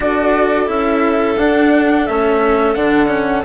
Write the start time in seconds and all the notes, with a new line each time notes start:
0.00 D4 F#4 A4 D5
0.66 C#4 E4 E5
1.36 D4 F#5
2.06 A3 C#4 E5
2.74 D3 D4 F#5
3.07 C#4